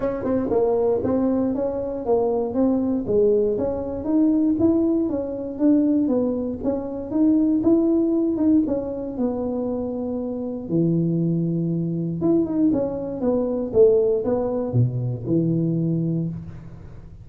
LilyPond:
\new Staff \with { instrumentName = "tuba" } { \time 4/4 \tempo 4 = 118 cis'8 c'8 ais4 c'4 cis'4 | ais4 c'4 gis4 cis'4 | dis'4 e'4 cis'4 d'4 | b4 cis'4 dis'4 e'4~ |
e'8 dis'8 cis'4 b2~ | b4 e2. | e'8 dis'8 cis'4 b4 a4 | b4 b,4 e2 | }